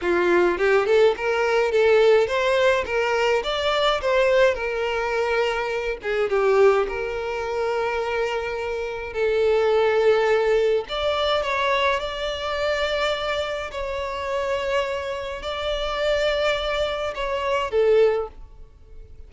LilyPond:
\new Staff \with { instrumentName = "violin" } { \time 4/4 \tempo 4 = 105 f'4 g'8 a'8 ais'4 a'4 | c''4 ais'4 d''4 c''4 | ais'2~ ais'8 gis'8 g'4 | ais'1 |
a'2. d''4 | cis''4 d''2. | cis''2. d''4~ | d''2 cis''4 a'4 | }